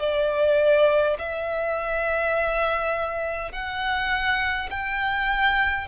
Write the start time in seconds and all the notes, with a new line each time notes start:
0.00 D5
1.19 E5
3.52 F#5
4.71 G5